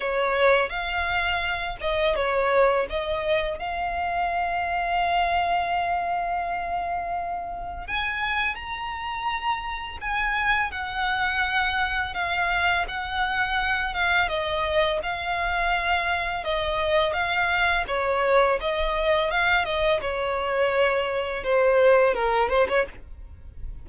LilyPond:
\new Staff \with { instrumentName = "violin" } { \time 4/4 \tempo 4 = 84 cis''4 f''4. dis''8 cis''4 | dis''4 f''2.~ | f''2. gis''4 | ais''2 gis''4 fis''4~ |
fis''4 f''4 fis''4. f''8 | dis''4 f''2 dis''4 | f''4 cis''4 dis''4 f''8 dis''8 | cis''2 c''4 ais'8 c''16 cis''16 | }